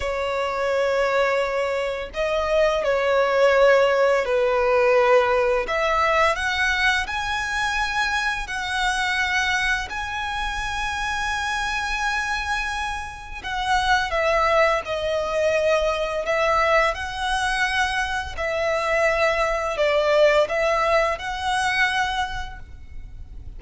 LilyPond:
\new Staff \with { instrumentName = "violin" } { \time 4/4 \tempo 4 = 85 cis''2. dis''4 | cis''2 b'2 | e''4 fis''4 gis''2 | fis''2 gis''2~ |
gis''2. fis''4 | e''4 dis''2 e''4 | fis''2 e''2 | d''4 e''4 fis''2 | }